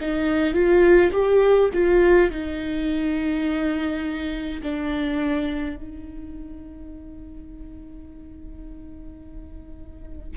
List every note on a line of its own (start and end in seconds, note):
0.00 0.53 D#4
0.53 1.11 F4
1.12 1.69 G4
1.74 2.31 F4
2.31 4.62 D#4
4.62 5.76 D4
5.76 10.37 D#4